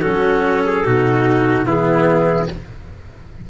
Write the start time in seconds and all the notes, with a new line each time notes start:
0.00 F#3 C#4 F#4 A4
0.66 G#4
0.84 B2 D#4 F#4
1.65 E3 B3 E4 G#4